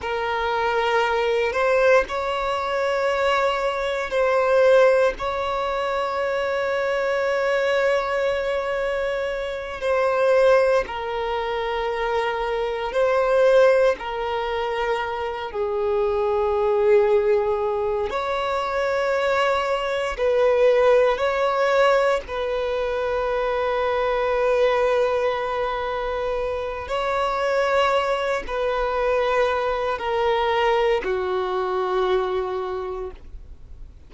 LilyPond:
\new Staff \with { instrumentName = "violin" } { \time 4/4 \tempo 4 = 58 ais'4. c''8 cis''2 | c''4 cis''2.~ | cis''4. c''4 ais'4.~ | ais'8 c''4 ais'4. gis'4~ |
gis'4. cis''2 b'8~ | b'8 cis''4 b'2~ b'8~ | b'2 cis''4. b'8~ | b'4 ais'4 fis'2 | }